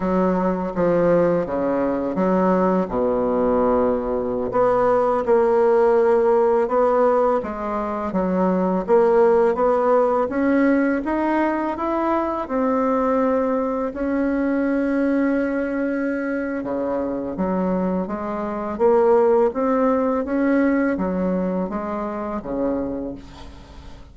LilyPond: \new Staff \with { instrumentName = "bassoon" } { \time 4/4 \tempo 4 = 83 fis4 f4 cis4 fis4 | b,2~ b,16 b4 ais8.~ | ais4~ ais16 b4 gis4 fis8.~ | fis16 ais4 b4 cis'4 dis'8.~ |
dis'16 e'4 c'2 cis'8.~ | cis'2. cis4 | fis4 gis4 ais4 c'4 | cis'4 fis4 gis4 cis4 | }